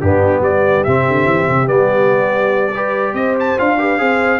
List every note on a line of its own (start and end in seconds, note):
0.00 0.40 G2
0.00 0.87 B3
0.00 0.42 D4
0.00 0.42 G4
0.40 0.82 G3
0.40 2.74 G4
0.40 0.83 D5
0.83 1.07 C3
0.83 1.66 C4
0.83 1.67 E5
1.08 1.25 D3
1.25 1.46 E3
1.49 1.69 C3
1.66 3.13 G3
1.66 2.71 B3
1.66 3.14 D5
2.74 3.58 G4
2.74 3.12 B4
3.12 3.55 C4
3.12 3.75 C5
3.12 3.35 D#5
3.40 3.59 A5
3.58 3.99 D4
3.58 3.78 F4
3.58 4.40 F5
3.78 3.98 G4
3.78 3.99 B4
3.98 4.40 C4
3.98 4.40 G#4
3.98 4.40 C5